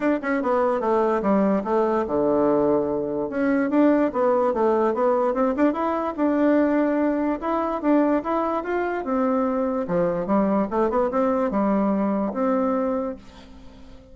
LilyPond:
\new Staff \with { instrumentName = "bassoon" } { \time 4/4 \tempo 4 = 146 d'8 cis'8 b4 a4 g4 | a4 d2. | cis'4 d'4 b4 a4 | b4 c'8 d'8 e'4 d'4~ |
d'2 e'4 d'4 | e'4 f'4 c'2 | f4 g4 a8 b8 c'4 | g2 c'2 | }